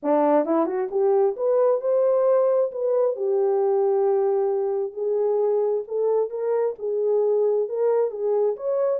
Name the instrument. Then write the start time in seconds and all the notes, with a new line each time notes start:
horn
0.02 D4
0.45 E4
0.65 F#4
0.90 G4
1.36 B4
1.80 C5
2.71 B4
3.16 G4
4.93 G#4
5.87 A4
6.30 A#4
6.78 G#4
7.68 A#4
8.11 G#4
8.56 C#5